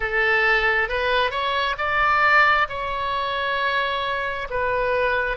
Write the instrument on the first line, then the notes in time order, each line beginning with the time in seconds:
oboe
0.00 A4
0.88 B4
1.31 C#5
1.77 D5
2.69 C#5
4.50 B4